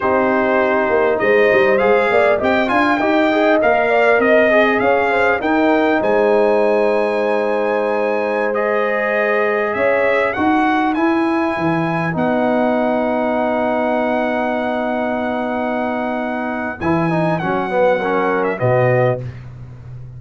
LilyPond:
<<
  \new Staff \with { instrumentName = "trumpet" } { \time 4/4 \tempo 4 = 100 c''2 dis''4 f''4 | g''8 gis''8 g''4 f''4 dis''4 | f''4 g''4 gis''2~ | gis''2~ gis''16 dis''4.~ dis''16~ |
dis''16 e''4 fis''4 gis''4.~ gis''16~ | gis''16 fis''2.~ fis''8.~ | fis''1 | gis''4 fis''4.~ fis''16 e''16 dis''4 | }
  \new Staff \with { instrumentName = "horn" } { \time 4/4 g'2 c''4. d''8 | dis''8 f''8 dis''4. d''8 dis''4 | cis''8 c''8 ais'4 c''2~ | c''1~ |
c''16 cis''4 b'2~ b'8.~ | b'1~ | b'1~ | b'2 ais'4 fis'4 | }
  \new Staff \with { instrumentName = "trombone" } { \time 4/4 dis'2. gis'4 | g'8 f'8 g'8 gis'8 ais'4. gis'8~ | gis'4 dis'2.~ | dis'2~ dis'16 gis'4.~ gis'16~ |
gis'4~ gis'16 fis'4 e'4.~ e'16~ | e'16 dis'2.~ dis'8.~ | dis'1 | e'8 dis'8 cis'8 b8 cis'4 b4 | }
  \new Staff \with { instrumentName = "tuba" } { \time 4/4 c'4. ais8 gis8 g8 gis8 ais8 | c'8 d'8 dis'4 ais4 c'4 | cis'4 dis'4 gis2~ | gis1~ |
gis16 cis'4 dis'4 e'4 e8.~ | e16 b2.~ b8.~ | b1 | e4 fis2 b,4 | }
>>